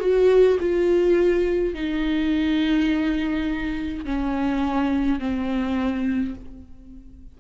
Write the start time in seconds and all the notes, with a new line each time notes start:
0.00 F#4
0.60 F4
1.74 D#4
4.05 C#4
5.19 C4